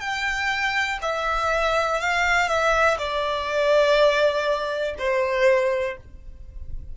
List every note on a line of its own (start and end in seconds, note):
0.00 0.98 G5
1.02 2.01 E5
2.01 2.49 F5
2.49 2.98 E5
2.99 4.95 D5
4.99 5.97 C5